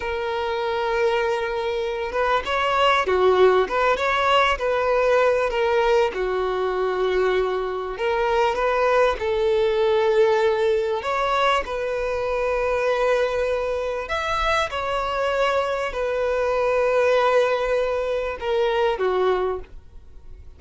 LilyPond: \new Staff \with { instrumentName = "violin" } { \time 4/4 \tempo 4 = 98 ais'2.~ ais'8 b'8 | cis''4 fis'4 b'8 cis''4 b'8~ | b'4 ais'4 fis'2~ | fis'4 ais'4 b'4 a'4~ |
a'2 cis''4 b'4~ | b'2. e''4 | cis''2 b'2~ | b'2 ais'4 fis'4 | }